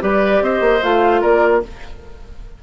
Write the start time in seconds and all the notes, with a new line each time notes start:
0.00 G3 G4 B4 D5
0.41 C4 C5 D#5
0.60 A#3
0.82 A3 F4 F5
1.21 A#3 A#4 D5